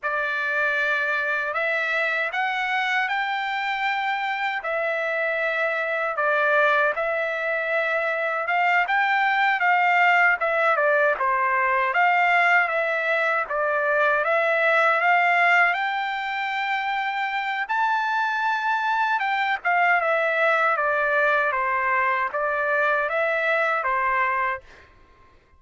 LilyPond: \new Staff \with { instrumentName = "trumpet" } { \time 4/4 \tempo 4 = 78 d''2 e''4 fis''4 | g''2 e''2 | d''4 e''2 f''8 g''8~ | g''8 f''4 e''8 d''8 c''4 f''8~ |
f''8 e''4 d''4 e''4 f''8~ | f''8 g''2~ g''8 a''4~ | a''4 g''8 f''8 e''4 d''4 | c''4 d''4 e''4 c''4 | }